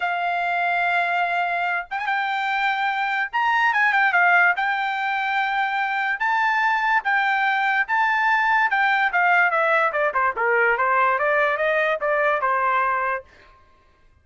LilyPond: \new Staff \with { instrumentName = "trumpet" } { \time 4/4 \tempo 4 = 145 f''1~ | f''8 g''16 gis''16 g''2. | ais''4 gis''8 g''8 f''4 g''4~ | g''2. a''4~ |
a''4 g''2 a''4~ | a''4 g''4 f''4 e''4 | d''8 c''8 ais'4 c''4 d''4 | dis''4 d''4 c''2 | }